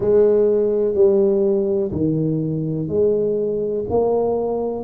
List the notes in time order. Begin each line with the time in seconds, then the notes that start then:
0.00 G#3
0.94 G3
1.91 D#3
2.88 G#3
3.89 A#3